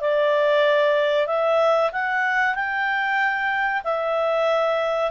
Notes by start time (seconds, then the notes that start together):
0.00 D5
1.27 E5
1.92 F#5
2.55 G5
3.84 E5